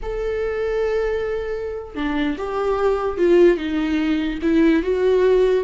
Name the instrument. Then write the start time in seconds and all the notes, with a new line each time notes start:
viola
0.02 A4
1.95 D4
2.37 G4
3.17 F4
3.57 D#4
4.42 E4
4.83 F#4